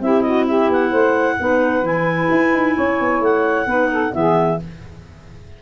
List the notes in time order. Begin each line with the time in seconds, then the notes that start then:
0.00 C4 E4 G4 E5
0.21 F#4 D#5
0.47 G4 E5
0.69 B3 F#5
0.90 A3 C5
1.39 B3 D#4 B4
1.82 E3 E4 G#5
2.30 E4
2.53 D#4
2.75 C#4 C#5
3.00 B3
3.20 A3 F#5
3.66 B3 D#4 B4
3.91 A4
4.11 E3 B3 G#4 E5